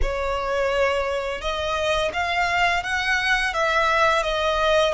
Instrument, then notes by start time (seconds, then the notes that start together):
violin
0.02 C#5
1.41 D#5
2.13 F5
2.83 F#5
3.53 E5
4.23 D#5